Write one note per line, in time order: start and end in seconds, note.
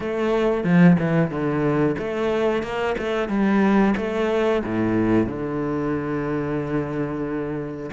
0.00 0.64 A3
0.64 0.97 F3
0.99 1.30 E3
1.30 1.96 D3
1.98 2.62 A3
2.62 2.95 A#3
2.98 3.28 A3
3.28 3.94 G3
3.97 4.62 A3
4.65 5.26 A2
5.26 7.90 D3